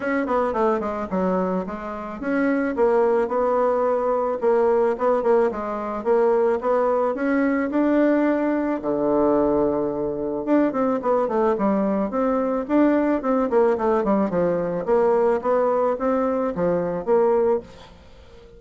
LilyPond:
\new Staff \with { instrumentName = "bassoon" } { \time 4/4 \tempo 4 = 109 cis'8 b8 a8 gis8 fis4 gis4 | cis'4 ais4 b2 | ais4 b8 ais8 gis4 ais4 | b4 cis'4 d'2 |
d2. d'8 c'8 | b8 a8 g4 c'4 d'4 | c'8 ais8 a8 g8 f4 ais4 | b4 c'4 f4 ais4 | }